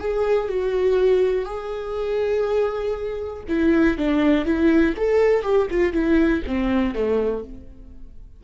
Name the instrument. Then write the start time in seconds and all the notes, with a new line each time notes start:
viola
0.00 G#4
0.49 F#4
1.46 G#4
3.49 E4
3.98 D4
4.46 E4
4.97 A4
5.43 G4
5.71 F4
5.93 E4
6.47 C4
6.95 A3